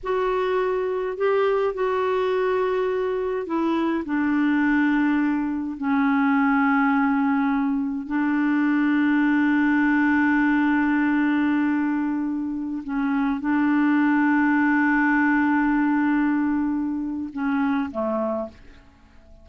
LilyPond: \new Staff \with { instrumentName = "clarinet" } { \time 4/4 \tempo 4 = 104 fis'2 g'4 fis'4~ | fis'2 e'4 d'4~ | d'2 cis'2~ | cis'2 d'2~ |
d'1~ | d'2~ d'16 cis'4 d'8.~ | d'1~ | d'2 cis'4 a4 | }